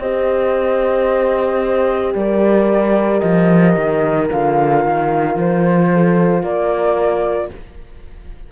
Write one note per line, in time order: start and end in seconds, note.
0.00 2.14 C4
0.00 4.30 G4
0.00 2.15 C5
0.00 2.15 D#5
2.15 3.22 G3
2.15 5.92 A#4
2.15 3.19 D5
3.19 3.77 F3
3.19 4.26 D#5
3.77 4.30 D#3
4.30 4.85 D3
4.30 7.52 F4
4.30 5.39 F5
4.85 5.36 D#3
5.36 6.43 F3
5.36 6.44 C5
5.93 6.42 A4
6.42 7.50 A#3
6.42 7.49 A#4
6.42 7.51 D5